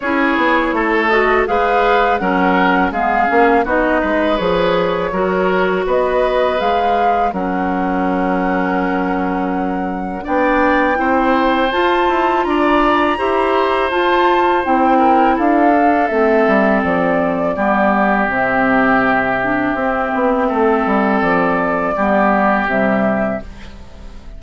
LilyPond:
<<
  \new Staff \with { instrumentName = "flute" } { \time 4/4 \tempo 4 = 82 cis''4. dis''8 f''4 fis''4 | f''4 dis''4 cis''2 | dis''4 f''4 fis''2~ | fis''2 g''2 |
a''4 ais''2 a''4 | g''4 f''4 e''4 d''4~ | d''4 e''2.~ | e''4 d''2 e''4 | }
  \new Staff \with { instrumentName = "oboe" } { \time 4/4 gis'4 a'4 b'4 ais'4 | gis'4 fis'8 b'4. ais'4 | b'2 ais'2~ | ais'2 d''4 c''4~ |
c''4 d''4 c''2~ | c''8 ais'8 a'2. | g'1 | a'2 g'2 | }
  \new Staff \with { instrumentName = "clarinet" } { \time 4/4 e'4. fis'8 gis'4 cis'4 | b8 cis'8 dis'4 gis'4 fis'4~ | fis'4 gis'4 cis'2~ | cis'2 d'4 e'4 |
f'2 g'4 f'4 | e'4. d'8 c'2 | b4 c'4. d'8 c'4~ | c'2 b4 g4 | }
  \new Staff \with { instrumentName = "bassoon" } { \time 4/4 cis'8 b8 a4 gis4 fis4 | gis8 ais8 b8 gis8 f4 fis4 | b4 gis4 fis2~ | fis2 b4 c'4 |
f'8 e'8 d'4 e'4 f'4 | c'4 d'4 a8 g8 f4 | g4 c2 c'8 b8 | a8 g8 f4 g4 c4 | }
>>